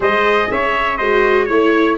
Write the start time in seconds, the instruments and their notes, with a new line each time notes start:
0.00 tuba G#3, viola G#4, trumpet C5 D#5
0.51 tuba C#4, trumpet C#5 E5
0.97 tuba G#3, viola F#4, trumpet C5 D#5
1.45 tuba A3, viola E4, trumpet C#5